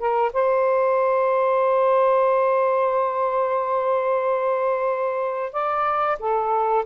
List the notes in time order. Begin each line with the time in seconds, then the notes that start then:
0.00 A#4
0.34 C5
5.53 D5
6.20 A4